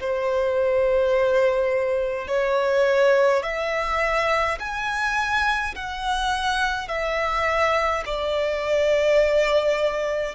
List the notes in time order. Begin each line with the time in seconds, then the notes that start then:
0.00 C5
2.28 C#5
3.43 E5
4.60 G#5
5.76 F#5
6.88 E5
8.06 D5